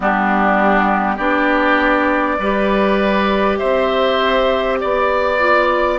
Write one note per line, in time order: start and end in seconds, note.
0.00 1.18 G3
0.00 1.18 B3
0.00 1.16 D4
0.00 1.17 G4
1.16 2.38 B3
1.16 2.38 D4
1.16 2.35 G4
1.16 3.57 D5
2.39 3.58 G3
2.39 5.39 G4
2.39 3.58 B4
3.58 4.82 C4
3.58 4.79 C5
3.58 4.78 E5
4.79 5.99 B3
4.79 5.99 D5
5.39 5.99 F4